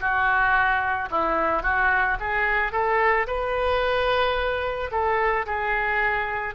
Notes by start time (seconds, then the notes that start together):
0.00 F#4
1.11 E4
1.63 F#4
2.20 G#4
2.72 A4
3.27 B4
4.91 A4
5.46 G#4